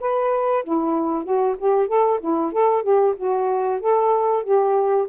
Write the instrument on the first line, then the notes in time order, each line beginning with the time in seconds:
saxophone
0.00 B4
0.64 E4
1.24 F#4
1.58 G4
1.87 A4
2.20 E4
2.52 A4
2.83 G4
3.16 F#4
3.80 A4
4.43 G4